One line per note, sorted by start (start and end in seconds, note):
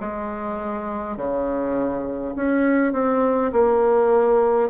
0.00 1.17 G#3
1.17 2.34 C#3
2.35 2.93 C#4
2.93 3.51 C4
3.52 4.70 A#3